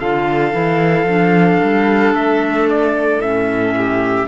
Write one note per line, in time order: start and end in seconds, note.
0.00 0.54 D3
0.00 0.51 F4
0.00 3.75 A4
0.00 2.15 F5
0.51 1.04 E3
0.51 1.05 E4
1.04 1.58 F3
1.04 3.21 D4
1.63 2.15 G3
2.15 3.18 A3
2.15 2.68 E5
2.70 3.21 D5
3.18 4.25 A2
3.18 4.28 C#4
3.18 4.28 E5
3.77 4.28 G4